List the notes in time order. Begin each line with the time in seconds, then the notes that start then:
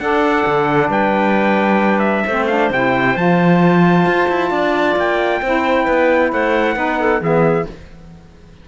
0.00 D4 A4 F#5
0.47 D3
0.89 G3 B4 G5
1.99 E5
2.26 A3 C4 C5
2.48 D4 F5
2.71 C3 E4 G5
3.16 F3 F4 A5
4.06 F4
4.29 E4
4.51 D4 D5
4.96 A#3 G5
5.42 C4 E4 C5
5.85 B3 B4
6.32 A3 C5 F#5
6.76 B3 D#4 B4
7.00 A4
7.21 E3 B3 G#4 E5